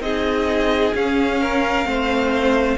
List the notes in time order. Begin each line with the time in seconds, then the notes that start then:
0.00 C4 D#4 G#4 D#5
0.94 C#4 F5
1.41 A#4
1.85 A3 C4 C5